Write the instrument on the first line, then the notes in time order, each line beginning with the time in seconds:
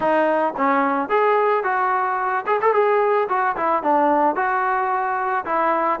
trombone
0.00 D#4
0.56 C#4
1.09 G#4
1.63 F#4
2.46 G#4
2.61 A4
2.73 G#4
3.29 F#4
3.56 E4
3.83 D4
4.35 F#4
5.45 E4